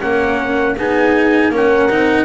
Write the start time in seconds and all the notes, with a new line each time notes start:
0.00 A#3 C#4 A#4 F#5
0.77 B3 D#4 G#4 G#5
1.49 A#3 C#4 A#4
1.56 F#5
1.90 C4 D#4